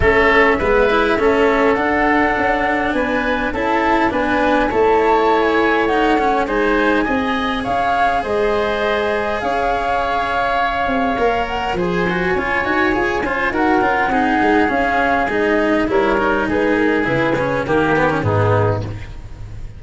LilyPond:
<<
  \new Staff \with { instrumentName = "flute" } { \time 4/4 \tempo 4 = 102 e''2. fis''4~ | fis''4 gis''4 a''4 gis''4 | a''4~ a''16 gis''8. fis''4 gis''4~ | gis''4 f''4 dis''2 |
f''2.~ f''8 fis''8 | gis''2. fis''4~ | fis''4 f''4 dis''4 cis''4 | b'8 ais'8 b'4 ais'4 gis'4 | }
  \new Staff \with { instrumentName = "oboe" } { \time 4/4 a'4 b'4 a'2~ | a'4 b'4 a'4 b'4 | cis''2. c''4 | dis''4 cis''4 c''2 |
cis''1 | c''4 cis''4. c''8 ais'4 | gis'2. ais'4 | gis'2 g'4 dis'4 | }
  \new Staff \with { instrumentName = "cello" } { \time 4/4 cis'4 b8 e'8 cis'4 d'4~ | d'2 e'4 d'4 | e'2 dis'8 cis'8 dis'4 | gis'1~ |
gis'2. ais'4 | gis'8 fis'8 f'8 fis'8 gis'8 f'8 fis'8 f'8 | dis'4 cis'4 dis'4 e'8 dis'8~ | dis'4 e'8 cis'8 ais8 b16 cis'16 b4 | }
  \new Staff \with { instrumentName = "tuba" } { \time 4/4 a4 gis4 a4 d'4 | cis'4 b4 cis'4 b4 | a2. gis4 | c'4 cis'4 gis2 |
cis'2~ cis'8 c'8 ais4 | f4 cis'8 dis'8 f'8 cis'8 dis'8 cis'8 | c'8 gis8 cis'4 gis4 g4 | gis4 cis4 dis4 gis,4 | }
>>